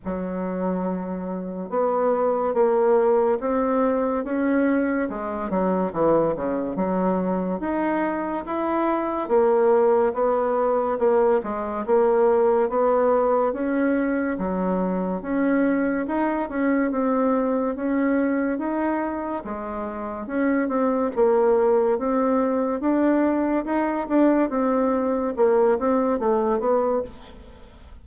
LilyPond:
\new Staff \with { instrumentName = "bassoon" } { \time 4/4 \tempo 4 = 71 fis2 b4 ais4 | c'4 cis'4 gis8 fis8 e8 cis8 | fis4 dis'4 e'4 ais4 | b4 ais8 gis8 ais4 b4 |
cis'4 fis4 cis'4 dis'8 cis'8 | c'4 cis'4 dis'4 gis4 | cis'8 c'8 ais4 c'4 d'4 | dis'8 d'8 c'4 ais8 c'8 a8 b8 | }